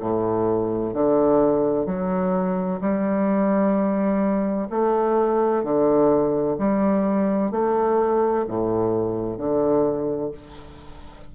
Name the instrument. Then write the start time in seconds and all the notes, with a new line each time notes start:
bassoon
0.00 A2
0.94 D3
1.86 F#3
2.81 G3
4.70 A3
5.64 D3
6.58 G3
7.51 A3
8.48 A2
9.37 D3